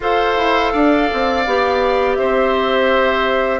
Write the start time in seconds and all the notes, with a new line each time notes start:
0.00 F4 A4 C5 F5
0.36 E4
0.72 D4 D5
1.13 C4
1.46 B3 G4
2.15 C4 C5 E5